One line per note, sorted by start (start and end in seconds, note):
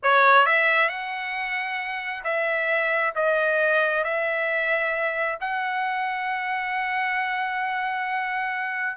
0.02 0.46 C#5
0.46 0.89 E5
0.89 2.23 F#5
2.24 3.13 E5
3.15 4.04 D#5
4.04 5.38 E5
5.40 8.96 F#5